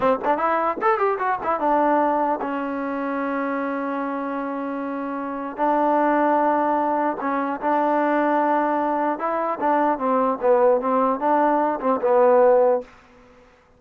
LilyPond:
\new Staff \with { instrumentName = "trombone" } { \time 4/4 \tempo 4 = 150 c'8 d'8 e'4 a'8 g'8 fis'8 e'8 | d'2 cis'2~ | cis'1~ | cis'2 d'2~ |
d'2 cis'4 d'4~ | d'2. e'4 | d'4 c'4 b4 c'4 | d'4. c'8 b2 | }